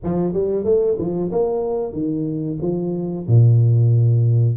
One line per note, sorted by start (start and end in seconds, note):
0.03 0.33 F3
0.33 0.64 G3
0.64 0.97 A3
0.98 1.31 F3
1.31 1.92 A#3
1.92 2.58 D#3
2.61 3.26 F3
3.27 4.57 A#2